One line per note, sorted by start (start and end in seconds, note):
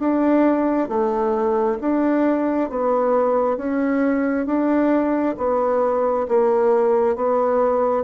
0.00 0.89 D4
0.89 1.79 A3
1.81 2.70 D4
2.70 3.57 B3
3.57 4.47 C#4
4.47 5.36 D4
5.38 6.27 B3
6.29 7.16 A#3
7.16 8.04 B3